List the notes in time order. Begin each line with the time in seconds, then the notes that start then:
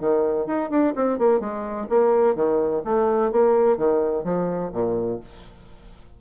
0.00 D#3
0.47 D#4
0.70 D4
0.96 C4
1.19 A#3
1.40 G#3
1.89 A#3
2.35 D#3
2.85 A3
3.32 A#3
3.78 D#3
4.24 F3
4.73 A#2